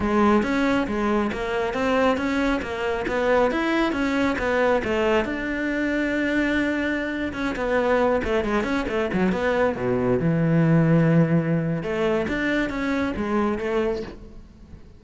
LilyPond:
\new Staff \with { instrumentName = "cello" } { \time 4/4 \tempo 4 = 137 gis4 cis'4 gis4 ais4 | c'4 cis'4 ais4 b4 | e'4 cis'4 b4 a4 | d'1~ |
d'8. cis'8 b4. a8 gis8 cis'16~ | cis'16 a8 fis8 b4 b,4 e8.~ | e2. a4 | d'4 cis'4 gis4 a4 | }